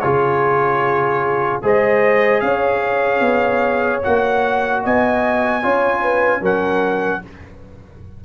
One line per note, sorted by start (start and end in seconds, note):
0.00 1.62 C#3
0.00 1.62 F4
0.00 1.63 G#4
0.00 1.60 C#5
1.62 2.42 G#3
1.62 4.02 G#4
1.62 2.43 C5
1.62 2.40 D#5
2.40 3.20 C#4
2.40 4.84 C#5
2.40 4.00 F5
3.20 4.00 B3
4.03 4.86 A#3
4.03 5.62 F#4
4.03 4.83 F#5
4.84 5.64 B3
4.84 5.63 D#5
4.84 6.44 G#5
5.62 6.41 C#4
5.62 6.41 F4
5.62 6.02 C#5
6.02 6.42 B4
6.41 7.21 F#3
6.41 7.21 C#4
6.41 7.22 A#4
6.41 7.24 F#5